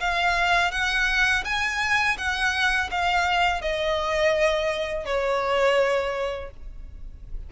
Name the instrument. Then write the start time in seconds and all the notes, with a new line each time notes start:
violin
0.00 F5
0.72 F#5
1.45 G#5
2.18 F#5
2.91 F5
3.61 D#5
5.05 C#5